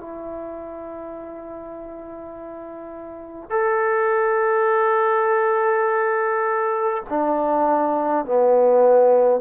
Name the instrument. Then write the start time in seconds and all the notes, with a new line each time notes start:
trombone
0.00 E4
3.50 A4
7.09 D4
8.25 B3